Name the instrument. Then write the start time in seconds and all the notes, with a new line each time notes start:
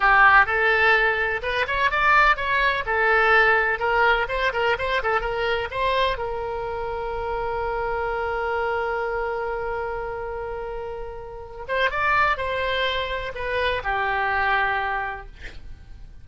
oboe
0.00 G4
0.46 A4
1.42 B4
1.67 C#5
1.90 D5
2.36 C#5
2.86 A4
3.79 A#4
4.28 C5
4.53 A#4
4.78 C5
5.02 A4
5.21 A#4
5.70 C5
6.17 A#4
11.68 C5
11.90 D5
12.37 C5
13.34 B4
13.83 G4